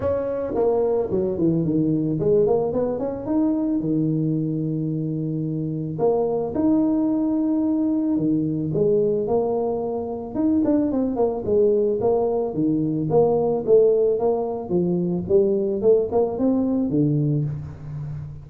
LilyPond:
\new Staff \with { instrumentName = "tuba" } { \time 4/4 \tempo 4 = 110 cis'4 ais4 fis8 e8 dis4 | gis8 ais8 b8 cis'8 dis'4 dis4~ | dis2. ais4 | dis'2. dis4 |
gis4 ais2 dis'8 d'8 | c'8 ais8 gis4 ais4 dis4 | ais4 a4 ais4 f4 | g4 a8 ais8 c'4 d4 | }